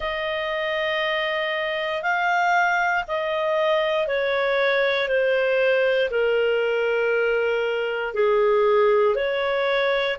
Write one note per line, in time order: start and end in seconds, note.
0.00 2.02 D#5
2.02 3.04 F5
3.07 4.07 D#5
4.07 5.08 C#5
5.08 6.09 C5
6.10 8.14 A#4
8.14 9.15 G#4
9.15 10.16 C#5